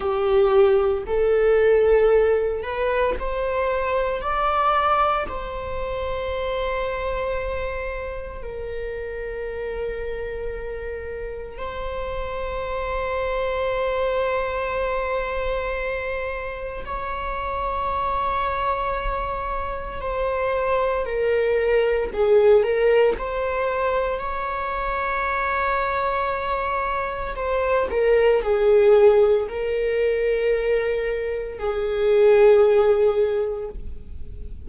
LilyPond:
\new Staff \with { instrumentName = "viola" } { \time 4/4 \tempo 4 = 57 g'4 a'4. b'8 c''4 | d''4 c''2. | ais'2. c''4~ | c''1 |
cis''2. c''4 | ais'4 gis'8 ais'8 c''4 cis''4~ | cis''2 c''8 ais'8 gis'4 | ais'2 gis'2 | }